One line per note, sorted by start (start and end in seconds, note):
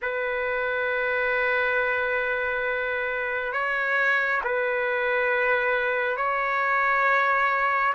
0.02 3.53 B4
3.53 4.41 C#5
4.44 6.16 B4
6.16 7.93 C#5